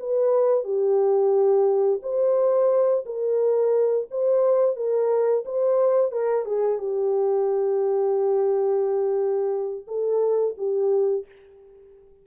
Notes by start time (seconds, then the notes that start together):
0.00 B4
0.64 G4
2.02 C5
3.06 A#4
4.11 C5
4.76 A#4
5.45 C5
6.12 A#4
6.45 G#4
6.78 G4
9.87 A4
10.58 G4